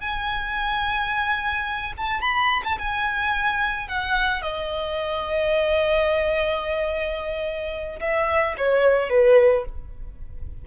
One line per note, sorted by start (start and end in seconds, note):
0.00 1.93 G#5
1.97 2.21 A5
2.21 2.62 B5
2.64 2.77 A5
2.78 3.88 G#5
3.88 4.42 F#5
4.42 7.99 D#5
8.00 8.55 E5
8.57 9.10 C#5
9.10 9.65 B4